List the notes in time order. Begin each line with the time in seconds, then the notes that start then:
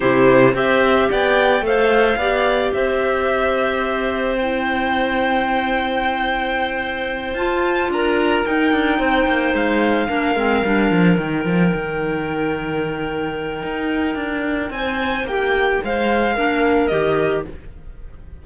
0.00 C3 E4 G4 C5
0.53 C4 G4 C5 E5
1.10 B3 D5 G5
1.61 A3 A4 F5
1.67 C5
2.16 B3 G4 D5
2.73 C4 C5 E5
4.36 E4 G5
7.34 F4 A5
7.89 D4 A#4 A#5
8.45 D#4 G5
8.72 D4
8.98 C4 C5
9.26 A#3
9.53 G#3 F5
10.07 A#3 D4 A#4
10.35 G#3 C4
10.64 G3 D4
10.90 F3
11.17 D#3 D#4 G5
11.45 F3
11.74 D#3
13.62 D#4
14.15 D4
14.70 C4 C5 G#5
15.23 A#3 G4 G5
15.83 G#3 C5 F5
16.35 A#3 D4 A#4
16.87 D#3 G4 D#5